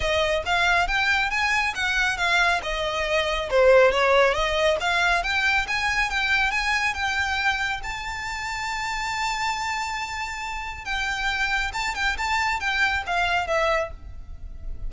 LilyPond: \new Staff \with { instrumentName = "violin" } { \time 4/4 \tempo 4 = 138 dis''4 f''4 g''4 gis''4 | fis''4 f''4 dis''2 | c''4 cis''4 dis''4 f''4 | g''4 gis''4 g''4 gis''4 |
g''2 a''2~ | a''1~ | a''4 g''2 a''8 g''8 | a''4 g''4 f''4 e''4 | }